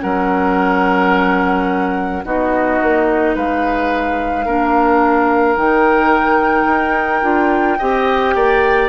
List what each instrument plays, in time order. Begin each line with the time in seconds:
0.00 bassoon F#3, clarinet C#4, oboe A#4, flute F#5
2.24 bassoon B3, clarinet D#4, oboe F#4, flute D#5
2.81 bassoon A#3
3.34 bassoon G#3, oboe B4, flute F5
4.45 bassoon A#3, clarinet D4, oboe A#4
5.56 bassoon D#3, clarinet D#4, flute G5
6.66 bassoon D#4
7.21 bassoon D4, clarinet F4
7.78 bassoon C4, clarinet G4, oboe D#5
8.35 bassoon A#3, oboe D5